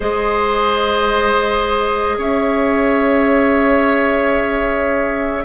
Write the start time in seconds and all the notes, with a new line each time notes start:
0.00 G#3 G#4 C5 D#5
2.17 C#4 C#5 E5